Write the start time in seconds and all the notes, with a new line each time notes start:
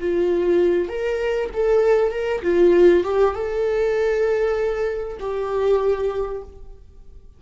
0.00 F4
0.88 A#4
1.53 A4
2.12 A#4
2.43 F4
3.04 G4
3.34 A4
5.20 G4